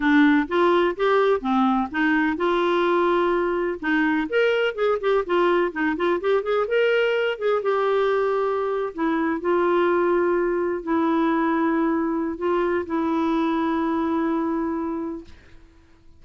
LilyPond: \new Staff \with { instrumentName = "clarinet" } { \time 4/4 \tempo 4 = 126 d'4 f'4 g'4 c'4 | dis'4 f'2. | dis'4 ais'4 gis'8 g'8 f'4 | dis'8 f'8 g'8 gis'8 ais'4. gis'8 |
g'2~ g'8. e'4 f'16~ | f'2~ f'8. e'4~ e'16~ | e'2 f'4 e'4~ | e'1 | }